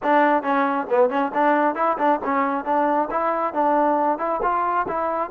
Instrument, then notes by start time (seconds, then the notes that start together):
trombone
0.02 D4
0.42 C#4
0.89 B3
1.09 C#4
1.34 D4
1.75 E4
1.98 D4
2.24 C#4
2.64 D4
3.10 E4
3.53 D4
4.18 E4
4.42 F4
4.88 E4